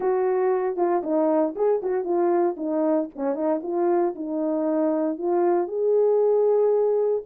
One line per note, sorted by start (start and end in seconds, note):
0.00 0.76 F#4
0.76 1.02 F4
1.03 1.54 D#4
1.55 1.81 G#4
1.82 2.04 F#4
2.04 2.56 F4
2.57 3.08 D#4
3.15 3.35 C#4
3.35 3.60 D#4
3.63 4.14 F4
4.15 5.18 D#4
5.18 5.67 F4
5.67 7.22 G#4